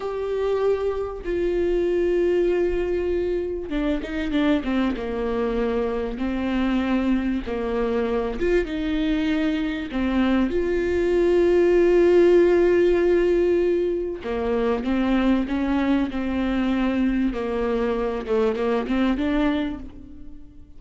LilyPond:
\new Staff \with { instrumentName = "viola" } { \time 4/4 \tempo 4 = 97 g'2 f'2~ | f'2 d'8 dis'8 d'8 c'8 | ais2 c'2 | ais4. f'8 dis'2 |
c'4 f'2.~ | f'2. ais4 | c'4 cis'4 c'2 | ais4. a8 ais8 c'8 d'4 | }